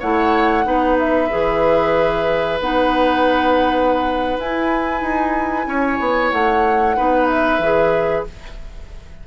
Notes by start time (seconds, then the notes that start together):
0.00 A3 E4 C#5 F#5
0.64 B3 D#4 B4
0.99 E5
1.30 E3 G#4
2.60 B3 D#4 F#5
4.39 E4 G#5
5.01 D#4
5.67 C#4 C#5
6.00 B3
6.31 A3 F#5
6.97 B3 D#4 B4
7.28 E5
7.59 E3 G#4